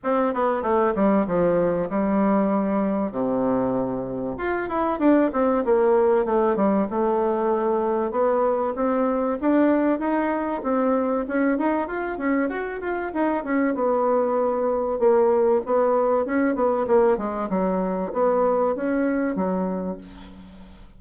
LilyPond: \new Staff \with { instrumentName = "bassoon" } { \time 4/4 \tempo 4 = 96 c'8 b8 a8 g8 f4 g4~ | g4 c2 f'8 e'8 | d'8 c'8 ais4 a8 g8 a4~ | a4 b4 c'4 d'4 |
dis'4 c'4 cis'8 dis'8 f'8 cis'8 | fis'8 f'8 dis'8 cis'8 b2 | ais4 b4 cis'8 b8 ais8 gis8 | fis4 b4 cis'4 fis4 | }